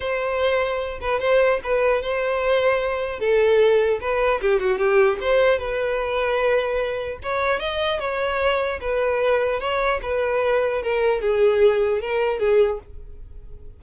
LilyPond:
\new Staff \with { instrumentName = "violin" } { \time 4/4 \tempo 4 = 150 c''2~ c''8 b'8 c''4 | b'4 c''2. | a'2 b'4 g'8 fis'8 | g'4 c''4 b'2~ |
b'2 cis''4 dis''4 | cis''2 b'2 | cis''4 b'2 ais'4 | gis'2 ais'4 gis'4 | }